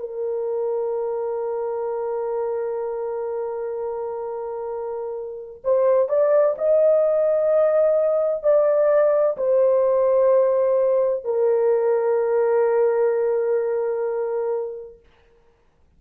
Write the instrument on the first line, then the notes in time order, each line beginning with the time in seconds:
horn
0.00 A#4
5.64 C5
6.09 D5
6.58 D#5
8.44 D5
9.37 C5
11.25 A#4